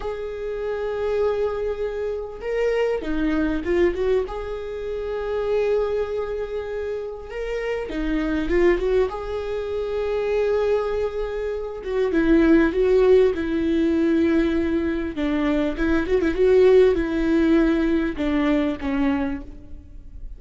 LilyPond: \new Staff \with { instrumentName = "viola" } { \time 4/4 \tempo 4 = 99 gis'1 | ais'4 dis'4 f'8 fis'8 gis'4~ | gis'1 | ais'4 dis'4 f'8 fis'8 gis'4~ |
gis'2.~ gis'8 fis'8 | e'4 fis'4 e'2~ | e'4 d'4 e'8 fis'16 e'16 fis'4 | e'2 d'4 cis'4 | }